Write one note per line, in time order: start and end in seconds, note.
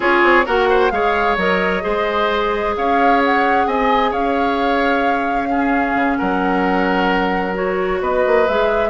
0.00 0.22 C#4
0.00 0.45 F4
0.00 0.45 G#4
0.00 0.46 C#5
0.23 0.46 C4
0.45 0.91 A#3
0.45 0.91 F#4
0.45 0.68 A#4
0.45 0.90 F#5
0.69 0.92 C5
0.90 1.37 G#3
0.90 1.37 G#4
0.90 1.83 C#5
0.90 1.36 F5
1.37 1.82 F#3
1.37 1.81 A#4
1.37 2.75 D#5
1.81 2.76 G#3
1.81 5.47 G#4
1.81 2.75 C5
2.76 3.66 C#4
2.76 3.67 C#5
2.76 3.22 F5
3.24 3.67 F#5
3.66 4.11 C4
3.66 4.10 D#5
3.66 4.12 G#5
4.10 5.94 C#4
4.10 5.48 C#5
4.10 6.17 F5
5.49 7.54 C#4
5.49 6.18 G#4
5.94 6.17 C#3
6.17 8.01 F#3
6.17 8.01 A#4
6.17 7.55 F#5
7.54 8.45 F#4
7.54 8.01 C#5
8.01 8.23 B3
8.01 8.90 B4
8.01 8.48 D#5
8.26 8.48 A#3
8.48 8.90 G#3
8.48 8.90 G#4
8.48 8.90 E5